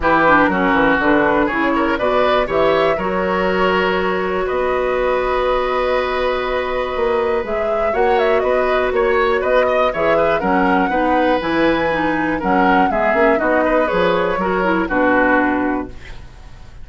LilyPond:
<<
  \new Staff \with { instrumentName = "flute" } { \time 4/4 \tempo 4 = 121 b'4 ais'4 b'4 cis''4 | d''4 e''4 cis''2~ | cis''4 dis''2.~ | dis''2. e''4 |
fis''8 e''8 dis''4 cis''4 dis''4 | e''4 fis''2 gis''4~ | gis''4 fis''4 e''4 dis''4 | cis''2 b'2 | }
  \new Staff \with { instrumentName = "oboe" } { \time 4/4 g'4 fis'2 gis'8 ais'8 | b'4 cis''4 ais'2~ | ais'4 b'2.~ | b'1 |
cis''4 b'4 cis''4 b'8 dis''8 | cis''8 b'8 ais'4 b'2~ | b'4 ais'4 gis'4 fis'8 b'8~ | b'4 ais'4 fis'2 | }
  \new Staff \with { instrumentName = "clarinet" } { \time 4/4 e'8 d'8 cis'4 d'4 e'4 | fis'4 g'4 fis'2~ | fis'1~ | fis'2. gis'4 |
fis'1 | gis'4 cis'4 dis'4 e'4 | dis'4 cis'4 b8 cis'8 dis'4 | gis'4 fis'8 e'8 d'2 | }
  \new Staff \with { instrumentName = "bassoon" } { \time 4/4 e4 fis8 e8 d4 cis4 | b,4 e4 fis2~ | fis4 b2.~ | b2 ais4 gis4 |
ais4 b4 ais4 b4 | e4 fis4 b4 e4~ | e4 fis4 gis8 ais8 b4 | f4 fis4 b,2 | }
>>